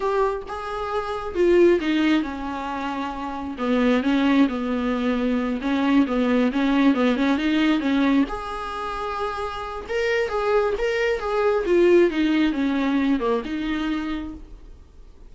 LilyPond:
\new Staff \with { instrumentName = "viola" } { \time 4/4 \tempo 4 = 134 g'4 gis'2 f'4 | dis'4 cis'2. | b4 cis'4 b2~ | b8 cis'4 b4 cis'4 b8 |
cis'8 dis'4 cis'4 gis'4.~ | gis'2 ais'4 gis'4 | ais'4 gis'4 f'4 dis'4 | cis'4. ais8 dis'2 | }